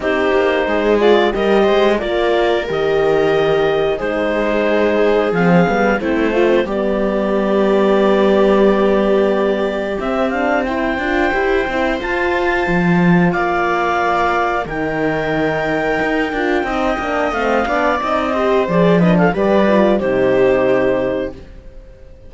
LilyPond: <<
  \new Staff \with { instrumentName = "clarinet" } { \time 4/4 \tempo 4 = 90 c''4. d''8 dis''4 d''4 | dis''2 c''2 | f''4 c''4 d''2~ | d''2. e''8 f''8 |
g''2 a''2 | f''2 g''2~ | g''2 f''4 dis''4 | d''8 dis''16 f''16 d''4 c''2 | }
  \new Staff \with { instrumentName = "viola" } { \time 4/4 g'4 gis'4 ais'8 c''8 ais'4~ | ais'2 gis'2~ | gis'4 e'8 f'8 g'2~ | g'1 |
c''1 | d''2 ais'2~ | ais'4 dis''4. d''4 c''8~ | c''8 b'16 a'16 b'4 g'2 | }
  \new Staff \with { instrumentName = "horn" } { \time 4/4 dis'4. f'8 g'4 f'4 | g'2 dis'2 | c'8 b8 c'8 f'16 c'16 b2~ | b2. c'8 d'8 |
e'8 f'8 g'8 e'8 f'2~ | f'2 dis'2~ | dis'8 f'8 dis'8 d'8 c'8 d'8 dis'8 g'8 | gis'8 d'8 g'8 f'8 dis'2 | }
  \new Staff \with { instrumentName = "cello" } { \time 4/4 c'8 ais8 gis4 g8 gis8 ais4 | dis2 gis2 | f8 g8 a4 g2~ | g2. c'4~ |
c'8 d'8 e'8 c'8 f'4 f4 | ais2 dis2 | dis'8 d'8 c'8 ais8 a8 b8 c'4 | f4 g4 c2 | }
>>